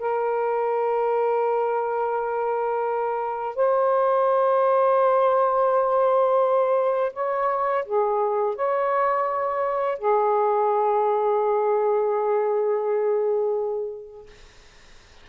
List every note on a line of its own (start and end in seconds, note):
0.00 3.56 A#4
3.56 7.13 C5
7.14 7.85 C#5
7.86 8.56 G#4
8.56 9.99 C#5
9.99 14.27 G#4